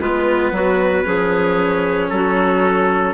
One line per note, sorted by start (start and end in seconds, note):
0.00 0.52 G#3
0.00 1.05 B3
0.00 0.53 F4
0.00 2.10 B4
0.52 1.05 F#3
0.52 1.05 F#4
1.05 2.11 F3
1.05 3.14 C#4
1.05 2.11 G#4
2.10 3.14 F#3
2.10 3.14 F#4
2.10 3.14 A4